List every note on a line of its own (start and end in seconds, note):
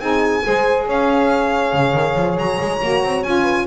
0.00 0.43 C4
0.00 0.42 D#4
0.00 0.45 G#4
0.00 0.86 G#5
0.42 0.87 G#3
0.42 2.78 G#4
0.42 0.86 C5
0.86 1.73 C#4
0.86 3.42 C#5
0.86 2.38 F5
1.73 1.94 C#3
1.94 2.15 D#3
2.16 2.37 F3
2.37 2.59 F#3
2.37 3.23 A#5
2.60 2.82 G#3
2.82 3.03 A#3
2.82 3.25 F#4
3.03 3.24 C4
3.23 3.66 C#4
3.23 3.66 F4
3.23 3.66 G#5
3.42 3.63 B4